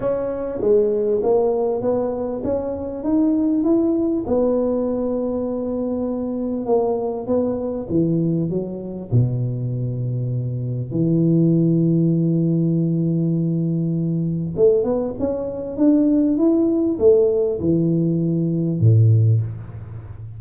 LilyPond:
\new Staff \with { instrumentName = "tuba" } { \time 4/4 \tempo 4 = 99 cis'4 gis4 ais4 b4 | cis'4 dis'4 e'4 b4~ | b2. ais4 | b4 e4 fis4 b,4~ |
b,2 e2~ | e1 | a8 b8 cis'4 d'4 e'4 | a4 e2 a,4 | }